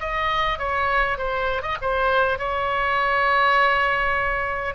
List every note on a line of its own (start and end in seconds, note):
0.00 0.59 D#5
0.59 1.19 C#5
1.19 1.63 C5
1.63 1.77 D#5
1.82 2.39 C5
2.39 4.75 C#5